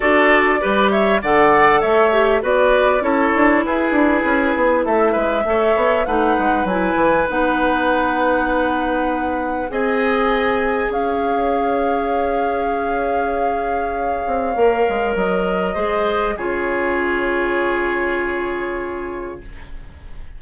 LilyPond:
<<
  \new Staff \with { instrumentName = "flute" } { \time 4/4 \tempo 4 = 99 d''4. e''8 fis''4 e''4 | d''4 cis''4 b'2 | e''2 fis''4 gis''4 | fis''1 |
gis''2 f''2~ | f''1~ | f''4 dis''2 cis''4~ | cis''1 | }
  \new Staff \with { instrumentName = "oboe" } { \time 4/4 a'4 b'8 cis''8 d''4 cis''4 | b'4 a'4 gis'2 | a'8 b'8 cis''4 b'2~ | b'1 |
dis''2 cis''2~ | cis''1~ | cis''2 c''4 gis'4~ | gis'1 | }
  \new Staff \with { instrumentName = "clarinet" } { \time 4/4 fis'4 g'4 a'4. g'8 | fis'4 e'2.~ | e'4 a'4 dis'4 e'4 | dis'1 |
gis'1~ | gis'1 | ais'2 gis'4 f'4~ | f'1 | }
  \new Staff \with { instrumentName = "bassoon" } { \time 4/4 d'4 g4 d4 a4 | b4 cis'8 d'8 e'8 d'8 cis'8 b8 | a8 gis8 a8 b8 a8 gis8 fis8 e8 | b1 |
c'2 cis'2~ | cis'2.~ cis'8 c'8 | ais8 gis8 fis4 gis4 cis4~ | cis1 | }
>>